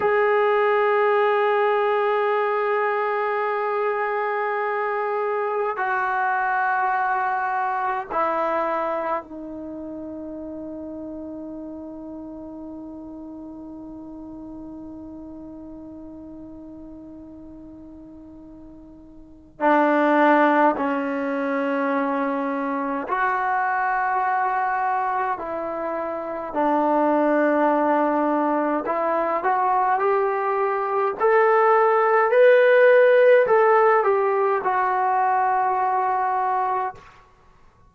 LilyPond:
\new Staff \with { instrumentName = "trombone" } { \time 4/4 \tempo 4 = 52 gis'1~ | gis'4 fis'2 e'4 | dis'1~ | dis'1~ |
dis'4 d'4 cis'2 | fis'2 e'4 d'4~ | d'4 e'8 fis'8 g'4 a'4 | b'4 a'8 g'8 fis'2 | }